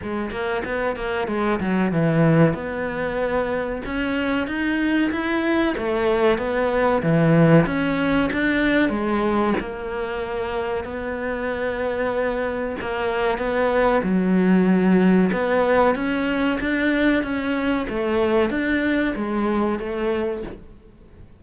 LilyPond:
\new Staff \with { instrumentName = "cello" } { \time 4/4 \tempo 4 = 94 gis8 ais8 b8 ais8 gis8 fis8 e4 | b2 cis'4 dis'4 | e'4 a4 b4 e4 | cis'4 d'4 gis4 ais4~ |
ais4 b2. | ais4 b4 fis2 | b4 cis'4 d'4 cis'4 | a4 d'4 gis4 a4 | }